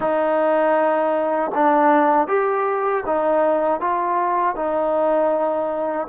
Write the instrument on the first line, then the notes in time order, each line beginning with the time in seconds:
trombone
0.00 D#4
1.54 D4
2.28 G4
3.06 D#4
3.80 F4
4.55 D#4